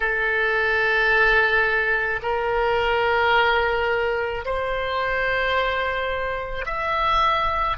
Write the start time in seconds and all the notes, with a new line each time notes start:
0.00 A4
2.22 A#4
4.45 C5
6.65 E5